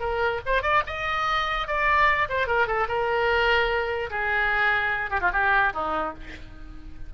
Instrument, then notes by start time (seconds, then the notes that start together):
oboe
0.00 A#4
0.46 C5
0.62 D5
0.87 D#5
1.67 D5
2.29 C5
2.47 A#4
2.67 A4
2.88 A#4
4.10 G#4
5.10 G4
5.21 F4
5.33 G4
5.73 D#4